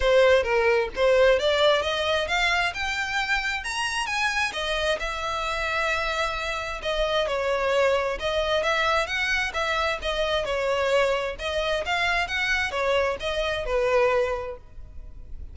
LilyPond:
\new Staff \with { instrumentName = "violin" } { \time 4/4 \tempo 4 = 132 c''4 ais'4 c''4 d''4 | dis''4 f''4 g''2 | ais''4 gis''4 dis''4 e''4~ | e''2. dis''4 |
cis''2 dis''4 e''4 | fis''4 e''4 dis''4 cis''4~ | cis''4 dis''4 f''4 fis''4 | cis''4 dis''4 b'2 | }